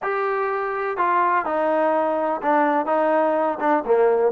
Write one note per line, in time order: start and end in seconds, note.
0.02 0.97 G4
0.97 1.45 F4
1.45 2.41 D#4
2.41 2.86 D4
2.86 3.58 D#4
3.60 3.84 D4
3.85 4.32 A#3